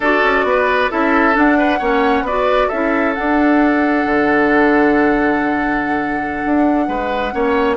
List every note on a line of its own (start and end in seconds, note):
0.00 0.22 D4
0.00 0.90 F#4
0.00 0.45 A4
0.00 0.91 D5
0.23 0.43 C#4
0.43 0.88 B3
0.43 0.91 B4
0.90 1.36 C#4
0.90 1.33 E4
0.90 1.57 A4
0.90 1.36 E5
1.33 1.78 D4
1.33 1.80 D4
1.33 2.27 F#5
1.57 1.78 B4
1.78 2.21 A#3
1.78 2.26 C#4
1.78 2.23 C#5
2.21 2.66 B3
2.21 2.72 F#4
2.21 2.67 B4
2.21 2.68 D5
2.67 3.17 C#4
2.67 3.15 E4
2.67 6.85 A4
2.67 3.13 E5
3.14 7.32 D4
3.14 4.05 D4
3.14 7.76 F#5
4.05 6.42 D3
6.45 6.88 D4
6.88 7.33 G#3
6.88 7.33 B4
7.32 7.76 A#3
7.32 7.76 C#4
7.32 7.76 C#5